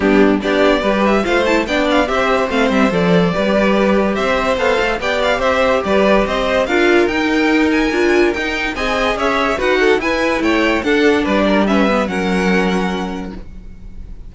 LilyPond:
<<
  \new Staff \with { instrumentName = "violin" } { \time 4/4 \tempo 4 = 144 g'4 d''4. e''8 f''8 a''8 | g''8 f''8 e''4 f''8 e''8 d''4~ | d''2 e''4 f''4 | g''8 f''8 e''4 d''4 dis''4 |
f''4 g''4. gis''4. | g''4 gis''4 e''4 fis''4 | gis''4 g''4 fis''4 d''4 | e''4 fis''2. | }
  \new Staff \with { instrumentName = "violin" } { \time 4/4 d'4 g'4 b'4 c''4 | d''4 c''2. | b'2 c''2 | d''4 c''4 b'4 c''4 |
ais'1~ | ais'4 dis''4 cis''4 b'8 a'8 | b'4 cis''4 a'4 b'8 ais'8 | b'4 ais'2. | }
  \new Staff \with { instrumentName = "viola" } { \time 4/4 b4 d'4 g'4 f'8 e'8 | d'4 g'4 c'4 a'4 | g'2. a'4 | g'1 |
f'4 dis'2 f'4 | dis'4 gis'2 fis'4 | e'2 d'2 | cis'8 b8 cis'2. | }
  \new Staff \with { instrumentName = "cello" } { \time 4/4 g4 b4 g4 a4 | b4 c'4 a8 g8 f4 | g2 c'4 b8 a8 | b4 c'4 g4 c'4 |
d'4 dis'2 d'4 | dis'4 c'4 cis'4 dis'4 | e'4 a4 d'4 g4~ | g4 fis2. | }
>>